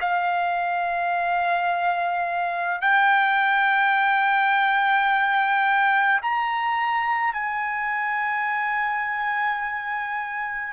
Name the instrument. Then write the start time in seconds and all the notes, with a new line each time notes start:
trumpet
0.00 F5
2.81 G5
6.22 A#5
7.33 G#5